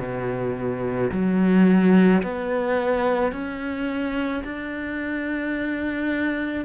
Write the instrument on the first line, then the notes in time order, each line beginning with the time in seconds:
cello
0.00 B2
1.12 F#3
2.23 B3
3.32 C#4
4.44 D4